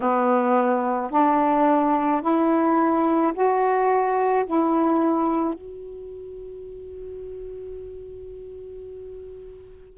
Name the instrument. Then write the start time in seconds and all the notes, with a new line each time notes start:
saxophone
0.00 B3
1.10 D4
2.21 E4
3.33 F#4
4.45 E4
5.54 F#4